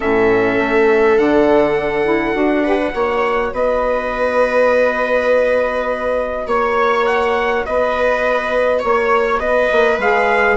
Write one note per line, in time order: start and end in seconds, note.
0.00 0.59 A2
0.00 1.17 C#4
0.00 2.63 A4
0.00 1.17 E5
0.59 1.17 A3
1.17 2.34 D3
1.17 2.04 D4
1.17 3.53 F#5
2.04 2.34 E4
2.34 2.93 D4
2.34 2.63 F#4
2.63 2.79 G4
2.63 2.92 B4
2.79 9.99 F#4
2.94 3.52 A#3
2.94 3.53 C#5
3.52 6.46 B3
3.52 6.47 B4
3.52 6.48 D#5
6.46 7.64 A#3
6.46 7.64 C#5
6.46 7.06 C#5
7.06 7.64 F#5
7.65 8.84 B3
7.65 8.79 B4
7.65 8.83 D#5
8.79 9.38 A#3
8.79 9.38 C#5
8.85 9.39 C#5
9.38 9.68 B3
9.38 10.56 B4
9.38 9.98 D#5
9.71 9.98 A#3
9.98 10.56 G#3
9.98 10.56 G#4
9.98 10.56 F5